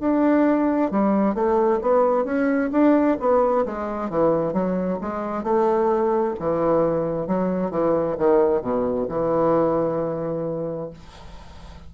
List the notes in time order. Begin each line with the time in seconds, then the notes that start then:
0.00 D4
0.91 G3
1.34 A3
1.81 B3
2.24 C#4
2.72 D4
3.20 B3
3.66 G#3
4.10 E3
4.53 F#3
5.01 G#3
5.43 A3
6.39 E3
7.27 F#3
7.71 E3
8.18 D#3
8.61 B2
9.09 E3